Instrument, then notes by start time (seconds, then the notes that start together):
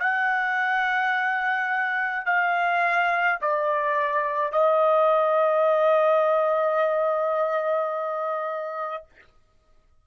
trumpet
0.00 F#5
2.26 F5
3.42 D5
4.52 D#5